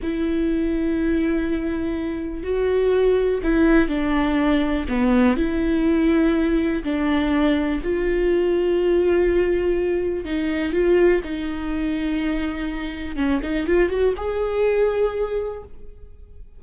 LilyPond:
\new Staff \with { instrumentName = "viola" } { \time 4/4 \tempo 4 = 123 e'1~ | e'4 fis'2 e'4 | d'2 b4 e'4~ | e'2 d'2 |
f'1~ | f'4 dis'4 f'4 dis'4~ | dis'2. cis'8 dis'8 | f'8 fis'8 gis'2. | }